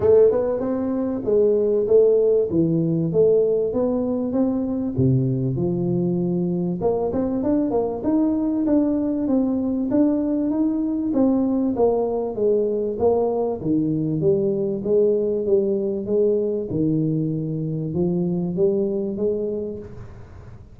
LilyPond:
\new Staff \with { instrumentName = "tuba" } { \time 4/4 \tempo 4 = 97 a8 b8 c'4 gis4 a4 | e4 a4 b4 c'4 | c4 f2 ais8 c'8 | d'8 ais8 dis'4 d'4 c'4 |
d'4 dis'4 c'4 ais4 | gis4 ais4 dis4 g4 | gis4 g4 gis4 dis4~ | dis4 f4 g4 gis4 | }